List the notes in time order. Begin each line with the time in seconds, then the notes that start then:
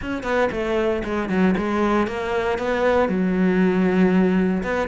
0.01 C#4
0.23 B3
0.51 A3
1.04 G#3
1.29 F#3
1.57 G#3
2.07 A#3
2.58 B3
3.09 F#3
4.63 B3